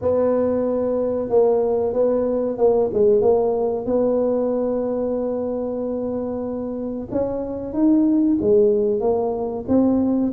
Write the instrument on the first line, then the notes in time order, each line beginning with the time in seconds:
tuba
0.01 B3
1.29 A#3
1.93 B3
2.57 A#3
2.93 G#3
3.21 A#3
3.85 B3
7.11 C#4
7.73 D#4
8.40 G#3
9.00 A#3
9.68 C4